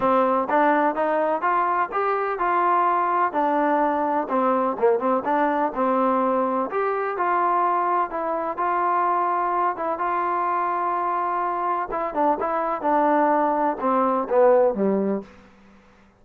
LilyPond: \new Staff \with { instrumentName = "trombone" } { \time 4/4 \tempo 4 = 126 c'4 d'4 dis'4 f'4 | g'4 f'2 d'4~ | d'4 c'4 ais8 c'8 d'4 | c'2 g'4 f'4~ |
f'4 e'4 f'2~ | f'8 e'8 f'2.~ | f'4 e'8 d'8 e'4 d'4~ | d'4 c'4 b4 g4 | }